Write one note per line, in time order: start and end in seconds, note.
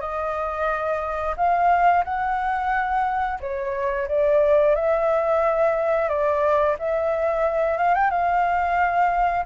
0.00 1.35 D#5
1.36 2.04 F5
2.04 3.39 F#5
3.40 4.07 C#5
4.08 4.75 D5
4.75 6.08 E5
6.08 6.76 D5
6.78 7.77 E5
7.77 7.94 F5
7.94 8.10 G5
8.10 9.45 F5